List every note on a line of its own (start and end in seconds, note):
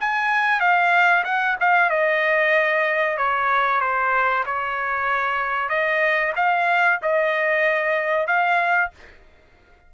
0.00 0.60 G#5
0.60 1.24 F5
1.24 1.56 F#5
1.60 1.89 F5
1.89 3.17 D#5
3.17 3.80 C#5
3.80 4.44 C5
4.45 5.69 C#5
5.69 6.32 D#5
6.35 6.99 F5
7.02 8.27 D#5
8.27 8.90 F5